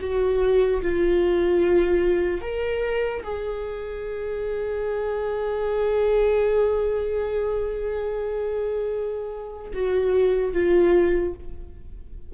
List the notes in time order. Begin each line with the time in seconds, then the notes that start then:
0.00 F#4
0.81 F4
2.41 A#4
3.23 G#4
9.73 F#4
10.53 F4